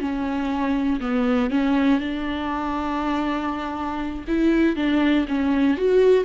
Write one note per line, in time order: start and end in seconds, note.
0.00 1.00 C#4
1.00 1.50 B3
1.50 2.00 C#4
2.00 4.25 D4
4.28 4.76 E4
4.76 5.26 D4
5.28 5.77 C#4
5.77 6.25 F#4